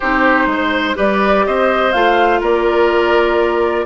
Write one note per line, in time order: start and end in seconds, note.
0.00 0.46 C4
0.00 0.95 D#4
0.00 0.46 G4
0.00 0.96 C5
0.46 0.95 G#3
0.46 0.96 C5
0.95 1.46 G3
0.95 1.92 G4
0.95 1.45 B4
0.95 1.46 D5
1.46 1.94 C4
1.46 2.40 C5
1.46 1.92 D#5
1.92 2.41 A3
1.92 3.85 F4
1.92 2.40 F5
2.40 3.85 A#3
2.40 3.85 A#4
2.40 3.85 D5